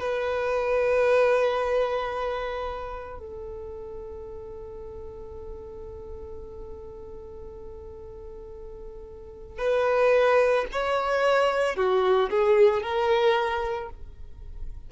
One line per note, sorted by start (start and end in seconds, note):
0.00 3.19 B4
3.19 9.59 A4
9.59 10.66 B4
10.72 11.77 C#5
11.77 12.30 F#4
12.30 12.83 G#4
12.83 13.90 A#4